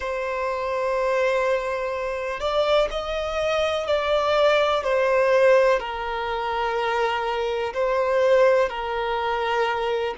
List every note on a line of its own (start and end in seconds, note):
0.00 2.40 C5
2.40 2.88 D5
2.90 3.87 D#5
3.87 4.83 D5
4.83 5.79 C5
5.79 7.73 A#4
7.73 8.69 C5
8.69 10.14 A#4